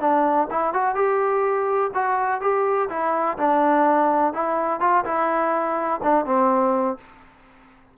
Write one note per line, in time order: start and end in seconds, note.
0.00 0.48 D4
0.50 0.73 E4
0.73 0.95 F#4
0.95 1.91 G4
1.94 2.41 F#4
2.41 2.89 G4
2.89 3.37 E4
3.38 4.33 D4
4.33 4.80 E4
4.80 5.04 F4
5.04 6.00 E4
6.03 6.25 D4
6.25 6.97 C4